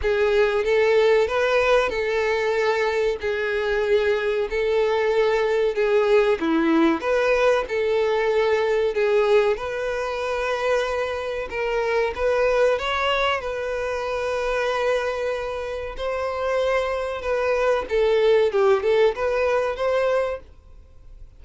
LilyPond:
\new Staff \with { instrumentName = "violin" } { \time 4/4 \tempo 4 = 94 gis'4 a'4 b'4 a'4~ | a'4 gis'2 a'4~ | a'4 gis'4 e'4 b'4 | a'2 gis'4 b'4~ |
b'2 ais'4 b'4 | cis''4 b'2.~ | b'4 c''2 b'4 | a'4 g'8 a'8 b'4 c''4 | }